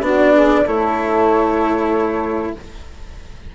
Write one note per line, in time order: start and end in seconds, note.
0.00 0.62 B3
0.00 0.65 D4
0.00 0.34 F#4
0.00 0.67 D5
0.34 0.64 G#4
0.64 2.54 A3
0.64 2.53 E4
0.64 2.51 A4
0.64 2.55 C#5